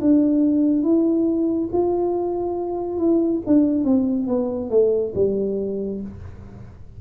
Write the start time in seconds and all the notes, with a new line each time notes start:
0.00 D4
0.83 E4
1.72 F4
2.97 E4
3.46 D4
3.84 C4
4.27 B3
4.70 A3
5.15 G3